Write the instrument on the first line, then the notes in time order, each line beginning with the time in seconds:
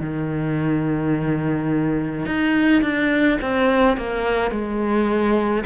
cello
0.00 D#3
2.25 D#4
2.81 D4
3.41 C4
3.96 A#3
4.51 G#3